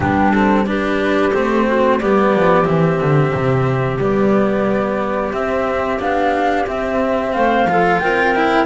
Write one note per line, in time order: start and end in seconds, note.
0.00 1.31 G3
0.00 0.32 B3
0.00 0.65 D4
0.00 0.32 G4
0.32 0.65 C4
0.32 0.65 A4
0.65 1.32 D4
0.65 1.67 G4
0.65 1.34 B4
1.33 2.01 A3
1.33 1.99 C4
1.33 2.00 C5
1.67 2.00 F#4
2.00 2.33 G3
2.00 2.64 B3
2.00 7.33 G4
2.00 2.66 D5
2.33 2.67 F3
2.64 3.01 E3
2.64 3.98 C4
2.64 3.99 E5
3.01 3.34 D3
3.34 3.97 C3
3.97 5.31 G3
3.97 5.32 B3
3.97 5.33 D5
5.32 5.98 C4
5.32 5.99 C4
5.32 6.00 E5
5.99 6.67 B3
5.99 6.66 D4
5.99 6.67 F5
6.66 7.66 C4
6.66 7.34 C4
6.66 7.33 E5
7.33 7.65 A3
7.33 7.69 C5
7.33 7.98 F5
7.65 7.98 F3
7.65 8.35 F4
7.65 8.02 A4
7.98 8.66 C4
7.98 8.66 A#4
7.98 8.65 G5
8.35 8.66 E4